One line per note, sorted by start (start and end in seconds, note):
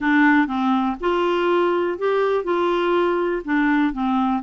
0.00 0.47 D4
0.47 0.96 C4
1.00 1.98 F4
1.98 2.43 G4
2.43 3.42 F4
3.44 3.93 D4
3.93 4.42 C4